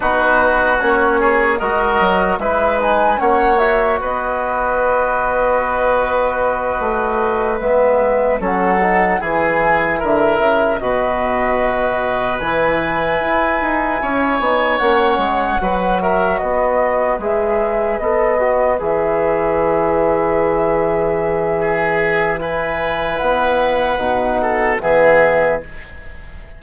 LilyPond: <<
  \new Staff \with { instrumentName = "flute" } { \time 4/4 \tempo 4 = 75 b'4 cis''4 dis''4 e''8 gis''8 | fis''8 e''8 dis''2.~ | dis''4. e''4 fis''4 gis''8~ | gis''8 e''4 dis''2 gis''8~ |
gis''2~ gis''8 fis''4. | e''8 dis''4 e''4 dis''4 e''8~ | e''1 | gis''4 fis''2 e''4 | }
  \new Staff \with { instrumentName = "oboe" } { \time 4/4 fis'4. gis'8 ais'4 b'4 | cis''4 b'2.~ | b'2~ b'8 a'4 gis'8~ | gis'8 ais'4 b'2~ b'8~ |
b'4. cis''2 b'8 | ais'8 b'2.~ b'8~ | b'2. gis'4 | b'2~ b'8 a'8 gis'4 | }
  \new Staff \with { instrumentName = "trombone" } { \time 4/4 dis'4 cis'4 fis'4 e'8 dis'8 | cis'8 fis'2.~ fis'8~ | fis'4. b4 cis'8 dis'8 e'8~ | e'4. fis'2 e'8~ |
e'2 dis'8 cis'4 fis'8~ | fis'4. gis'4 a'8 fis'8 gis'8~ | gis'1 | e'2 dis'4 b4 | }
  \new Staff \with { instrumentName = "bassoon" } { \time 4/4 b4 ais4 gis8 fis8 gis4 | ais4 b2.~ | b8 a4 gis4 fis4 e8~ | e8 d8 cis8 b,2 e8~ |
e8 e'8 dis'8 cis'8 b8 ais8 gis8 fis8~ | fis8 b4 gis4 b4 e8~ | e1~ | e4 b4 b,4 e4 | }
>>